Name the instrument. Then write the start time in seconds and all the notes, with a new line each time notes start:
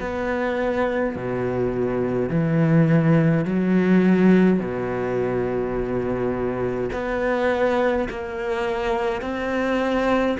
cello
0.00 B3
1.15 B2
2.29 E3
3.45 F#3
4.59 B2
6.92 B3
8.09 A#3
9.22 C4